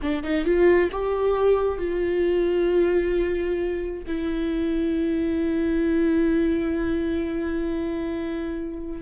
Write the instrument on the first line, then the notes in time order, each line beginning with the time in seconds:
viola
0.01 D4
0.23 D#4
0.44 F4
0.91 G4
1.77 F4
4.06 E4